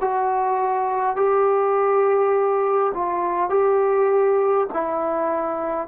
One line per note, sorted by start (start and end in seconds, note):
0.00 1.16 F#4
1.16 2.92 G4
2.94 3.49 F4
3.49 4.67 G4
4.73 5.87 E4